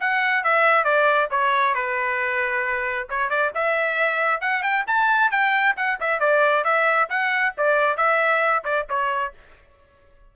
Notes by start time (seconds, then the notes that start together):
0.00 F#5
0.43 E5
0.84 D5
1.31 C#5
1.74 B4
3.09 C#5
3.29 D5
3.55 E5
4.41 F#5
4.62 G5
4.86 A5
5.31 G5
5.76 F#5
6.00 E5
6.19 D5
6.64 E5
7.09 F#5
7.57 D5
7.97 E5
8.64 D5
8.89 C#5